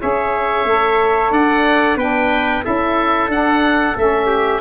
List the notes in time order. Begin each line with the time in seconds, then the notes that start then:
0.00 C#4 G#4 C#5 E5
0.65 A3 A4
1.31 D4 D5 F#5
1.97 B3 D4 B4 G5
2.63 C#4 E4 A4 E5
3.28 D4 F#5
3.97 A3 C#4 E5
4.27 G4